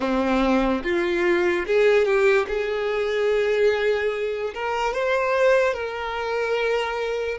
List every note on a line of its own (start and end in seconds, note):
0.00 0.82 C4
0.83 1.65 F4
1.66 2.05 G#4
2.05 2.46 G4
2.48 4.53 G#4
4.54 4.93 A#4
4.93 5.73 C5
5.73 7.37 A#4